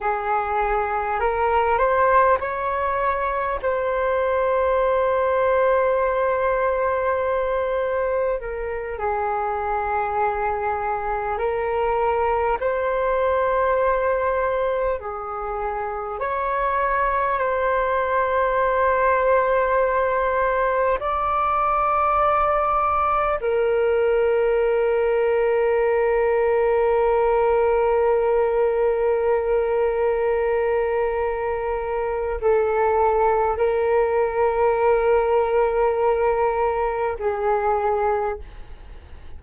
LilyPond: \new Staff \with { instrumentName = "flute" } { \time 4/4 \tempo 4 = 50 gis'4 ais'8 c''8 cis''4 c''4~ | c''2. ais'8 gis'8~ | gis'4. ais'4 c''4.~ | c''8 gis'4 cis''4 c''4.~ |
c''4. d''2 ais'8~ | ais'1~ | ais'2. a'4 | ais'2. gis'4 | }